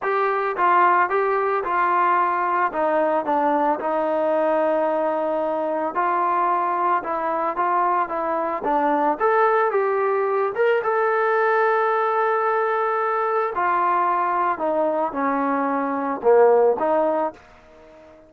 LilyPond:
\new Staff \with { instrumentName = "trombone" } { \time 4/4 \tempo 4 = 111 g'4 f'4 g'4 f'4~ | f'4 dis'4 d'4 dis'4~ | dis'2. f'4~ | f'4 e'4 f'4 e'4 |
d'4 a'4 g'4. ais'8 | a'1~ | a'4 f'2 dis'4 | cis'2 ais4 dis'4 | }